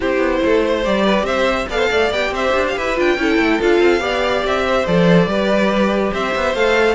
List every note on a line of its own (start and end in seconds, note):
0.00 0.18 C4
0.00 0.83 E4
0.00 0.41 G4
0.00 0.84 C5
0.18 0.39 B3
0.44 0.86 A3
0.44 0.64 A4
0.64 1.04 C5
0.83 1.23 G3
0.83 1.67 G4
0.83 1.25 D5
1.04 1.25 B4
1.23 1.65 C4
1.23 1.68 C5
1.23 1.67 E5
1.68 1.89 B3
1.68 2.12 A4
1.68 1.78 D5
1.68 2.12 F5
1.78 1.88 C5
1.90 2.11 A3
1.90 2.33 D5
2.11 2.31 B3
2.11 2.95 G4
2.11 2.33 G5
2.31 2.52 C4
2.31 2.75 C5
2.31 2.66 E5
2.53 2.74 D4
2.68 2.77 F5
2.75 2.98 E4
2.75 3.17 B4
2.75 2.99 E5
2.95 3.17 D4
2.95 3.17 F4
2.95 3.61 G5
3.17 3.38 C#4
3.17 3.60 E4
3.17 4.01 A4
3.38 3.59 A3
3.60 3.79 D4
3.60 4.00 F4
3.60 4.45 F5
3.79 4.00 C4
4.00 4.42 B3
4.00 4.84 G4
4.00 4.65 D5
4.44 4.86 C4
4.44 4.86 E5
4.66 5.29 C5
4.86 5.26 F3
4.86 5.28 A4
4.86 6.13 D5
5.26 6.11 G3
5.26 6.55 G4
5.26 6.12 B4
6.12 6.34 C4
6.12 6.94 C5
6.12 6.55 E5
6.35 6.54 B3
6.54 6.94 A3
6.54 6.94 A4
6.54 6.94 F5